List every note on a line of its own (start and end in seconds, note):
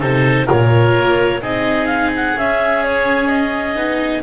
0.00 0.49 C3
0.00 0.47 D#4
0.00 0.46 A4
0.00 0.48 C5
0.46 0.98 A#2
0.46 1.40 F4
0.46 1.40 A#4
0.46 1.43 C#5
0.98 1.41 A#3
1.41 2.35 C4
1.41 2.36 D#4
1.41 4.22 G#4
1.41 1.86 D#5
1.86 2.10 F5
2.16 2.38 F#5
2.36 3.76 C#4
2.36 3.75 C#4
2.36 2.84 E5
2.84 3.28 C#5
3.28 4.21 D#5
3.75 4.22 B3
3.75 4.22 D#4